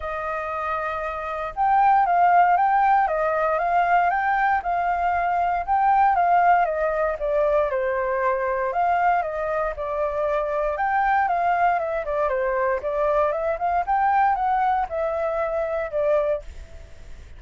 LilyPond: \new Staff \with { instrumentName = "flute" } { \time 4/4 \tempo 4 = 117 dis''2. g''4 | f''4 g''4 dis''4 f''4 | g''4 f''2 g''4 | f''4 dis''4 d''4 c''4~ |
c''4 f''4 dis''4 d''4~ | d''4 g''4 f''4 e''8 d''8 | c''4 d''4 e''8 f''8 g''4 | fis''4 e''2 d''4 | }